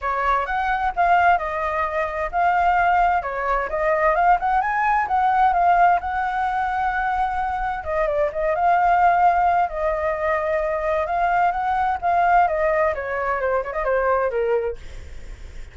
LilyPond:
\new Staff \with { instrumentName = "flute" } { \time 4/4 \tempo 4 = 130 cis''4 fis''4 f''4 dis''4~ | dis''4 f''2 cis''4 | dis''4 f''8 fis''8 gis''4 fis''4 | f''4 fis''2.~ |
fis''4 dis''8 d''8 dis''8 f''4.~ | f''4 dis''2. | f''4 fis''4 f''4 dis''4 | cis''4 c''8 cis''16 dis''16 c''4 ais'4 | }